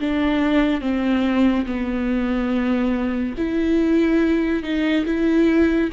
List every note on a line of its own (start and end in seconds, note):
0.00 0.81 D4
0.81 1.66 C4
1.66 3.35 B3
3.38 4.63 E4
4.63 5.06 D#4
5.06 5.90 E4